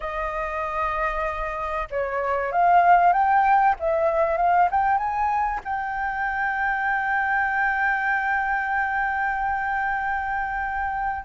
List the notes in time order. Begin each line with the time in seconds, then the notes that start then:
0.00 D#5
1.90 C#5
2.52 F5
3.12 G5
3.79 E5
4.37 F5
4.70 G5
4.97 G#5
5.64 G5